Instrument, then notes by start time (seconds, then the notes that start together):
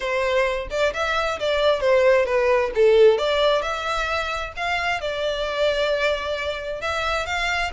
violin
0.00 C5
0.70 D5
0.93 E5
1.39 D5
1.80 C5
2.25 B4
2.74 A4
3.18 D5
3.62 E5
4.56 F5
5.00 D5
6.81 E5
7.25 F5